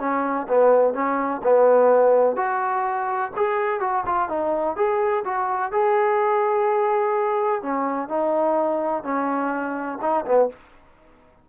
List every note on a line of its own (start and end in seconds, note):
0.00 0.48 C#4
0.49 0.94 B3
0.94 1.42 C#4
1.44 2.37 B3
2.37 3.32 F#4
3.37 3.81 G#4
3.81 4.05 F#4
4.06 4.29 F4
4.29 4.76 D#4
4.76 5.24 G#4
5.25 5.72 F#4
5.72 7.63 G#4
7.63 8.09 C#4
8.09 9.04 D#4
9.04 9.99 C#4
10.02 10.26 D#4
10.26 10.50 B3